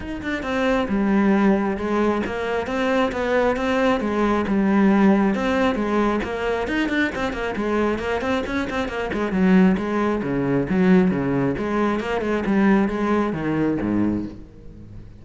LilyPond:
\new Staff \with { instrumentName = "cello" } { \time 4/4 \tempo 4 = 135 dis'8 d'8 c'4 g2 | gis4 ais4 c'4 b4 | c'4 gis4 g2 | c'4 gis4 ais4 dis'8 d'8 |
c'8 ais8 gis4 ais8 c'8 cis'8 c'8 | ais8 gis8 fis4 gis4 cis4 | fis4 cis4 gis4 ais8 gis8 | g4 gis4 dis4 gis,4 | }